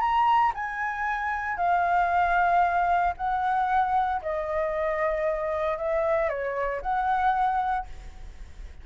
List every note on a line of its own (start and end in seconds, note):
0.00 0.52 A#5
0.54 1.57 G#5
1.57 3.14 F5
3.17 4.21 F#5
4.22 5.77 D#5
5.77 6.29 E5
6.29 6.81 C#5
6.82 7.86 F#5